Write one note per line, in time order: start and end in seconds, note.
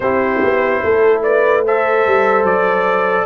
0.00 0.40 C4
0.00 1.66 E4
0.00 0.83 G4
0.00 1.22 C5
0.41 0.83 B3
0.83 2.06 A3
0.83 1.23 A4
1.22 1.64 B4
1.22 1.64 D5
1.64 3.26 A4
1.64 3.26 C5
1.64 2.45 E5
2.06 2.43 G3
2.43 3.25 F#3
2.43 3.26 D5